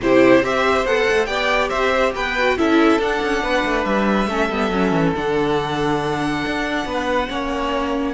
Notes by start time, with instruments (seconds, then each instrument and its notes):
0.02 cello C3, viola E4, violin G4 C5
0.41 cello C4, viola G4, violin C5 E5
0.85 cello B3, viola A4, violin F#5
1.10 cello A3
1.25 cello B3, viola G4, violin D5 G5
1.69 cello C4, violin C5 E5
2.15 cello B3, violin B4 G5
2.38 viola F#4
2.57 cello C#4, viola E4, violin A4 E5
2.98 cello D4, viola D4, violin F#5
3.22 cello C#4
3.42 cello B3, violin B4
3.64 cello A3
3.84 cello G3, violin E5
4.27 cello A3, viola C#4, violin A4
4.49 cello G3, viola B3
4.71 cello F#3, viola C#4
4.91 cello E3
5.15 cello D3, viola D4, violin F#5
6.46 cello D4
6.85 cello B3, violin B4
7.28 cello A#3, viola C#4, violin C#5